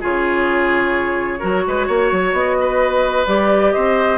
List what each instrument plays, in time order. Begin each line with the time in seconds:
0.00 bassoon C#3, clarinet F4, oboe G#4, flute C#5
1.39 bassoon F#3, clarinet F#4, oboe A#4
1.67 bassoon G#3, oboe B4
1.87 bassoon A#3, oboe C#5
2.12 bassoon F#3
2.32 bassoon B3, flute D#5
2.60 oboe B4
3.27 bassoon G3, clarinet G4, flute D5
3.72 bassoon C4, oboe C5, flute D#5